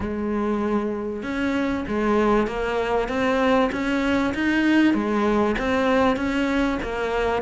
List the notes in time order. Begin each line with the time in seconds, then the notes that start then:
0.00 G#3
1.22 C#4
1.88 G#3
2.47 A#3
3.08 C4
3.71 C#4
4.34 D#4
4.93 G#3
5.58 C4
6.16 C#4
6.82 A#3